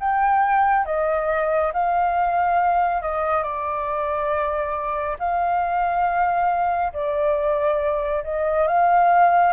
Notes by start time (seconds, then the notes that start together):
0.00 G5
0.85 D#5
1.74 F5
3.02 D#5
3.43 D5
5.19 F5
6.93 D5
8.24 D#5
8.68 F5